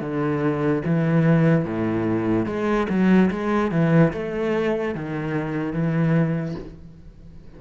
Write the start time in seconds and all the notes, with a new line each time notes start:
0.00 D3
0.85 E3
1.64 A2
2.45 G#3
2.89 F#3
3.31 G#3
3.71 E3
4.12 A3
4.95 D#3
5.73 E3